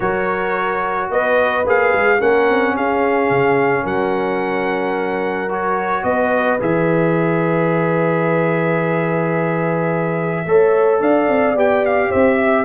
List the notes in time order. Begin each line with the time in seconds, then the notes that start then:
0.00 F#3 F#4 A#4 C#5
1.09 B3 B4 D#5
1.65 A#3 G#4 F5
1.93 G#3
2.19 A#3 C#4 A#4 F#5
2.50 C4
2.75 C#4 G#4 F5
3.30 C#3
3.82 F#3 A#4 F#5
5.49 F#4 C#5
6.03 B3 B4 D#5
6.60 E3 G#4 E5
10.45 A3 A4 C#5
11.00 D4 D5 F5
11.27 C4
11.55 B3 G4 G5
11.85 F5
12.09 C4 C5 E5
12.37 E5